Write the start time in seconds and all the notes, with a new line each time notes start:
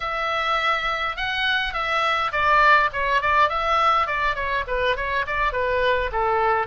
0.00 E5
1.16 F#5
1.73 E5
2.31 D5
2.92 C#5
3.21 D5
3.49 E5
4.06 D5
4.35 C#5
4.67 B4
4.96 C#5
5.26 D5
5.52 B4
6.12 A4